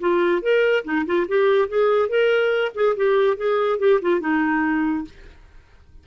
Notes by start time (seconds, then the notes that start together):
0.00 F4
0.42 A#4
0.84 D#4
1.06 F4
1.28 G4
1.68 G#4
2.09 A#4
2.75 G#4
2.96 G4
3.37 G#4
3.79 G4
4.02 F4
4.20 D#4